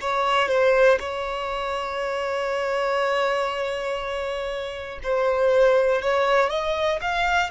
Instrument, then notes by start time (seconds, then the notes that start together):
violin
0.00 C#5
0.48 C5
1.00 C#5
5.03 C5
6.01 C#5
6.50 D#5
7.00 F5